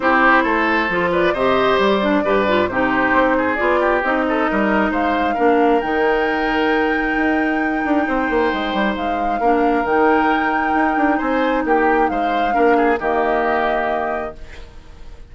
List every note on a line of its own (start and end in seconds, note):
0.00 0.44 C4
0.00 0.89 E4
0.00 0.43 G4
0.00 1.10 C5
0.43 0.89 A3
0.43 1.10 A4
0.89 1.33 F3
0.89 1.35 F4
1.11 1.33 B4
1.11 1.34 D5
1.33 1.78 C3
1.33 2.01 G4
1.33 2.23 C5
1.33 1.79 D#5
1.78 2.23 G3
1.78 2.68 D5
2.01 2.23 D4
2.24 2.68 G2
2.24 2.47 G4
2.24 2.69 B4
2.47 2.70 F4
2.68 3.12 C3
2.68 3.56 D#4
2.68 3.37 G4
2.68 3.55 C5
3.12 3.57 C4
3.37 3.80 G#4
3.55 4.03 B3
3.55 4.01 F4
3.55 4.00 D5
3.80 4.24 G4
4.03 4.48 C4
4.03 5.36 D#4
4.03 4.92 D#5
4.28 4.50 A4
4.50 4.90 G3
4.50 4.90 A#4
4.90 5.35 G#3
4.90 5.34 C5
4.90 5.81 F5
5.34 5.82 A#3
5.34 5.81 D4
5.34 8.03 A#4
5.81 7.16 D#3
5.81 9.40 D#4
5.81 8.94 G5
7.16 7.83 D#4
7.85 8.07 D4
8.07 8.29 C4
8.07 9.40 C5
8.29 8.52 A#3
8.53 8.73 G#3
8.73 8.96 G3
8.96 9.40 G#3
8.96 9.85 F5
9.40 9.83 A#3
9.40 9.85 D4
9.40 11.17 A#4
9.83 10.73 D#3
9.83 12.51 D#4
9.83 11.19 G5
10.74 10.96 D#4
10.97 11.19 D4
11.17 11.64 C4
11.17 11.62 C5
11.17 11.63 G#5
11.64 12.09 A#3
11.64 12.10 G4
11.64 12.08 G5
12.08 12.54 G#3
12.08 12.54 C5
12.08 12.98 F5
12.51 12.99 A#3
12.51 12.96 D4
12.51 12.76 A#4
12.77 12.99 G#4
12.99 14.34 D#3
12.99 14.33 A#3
12.99 14.34 G4
12.99 14.35 D#5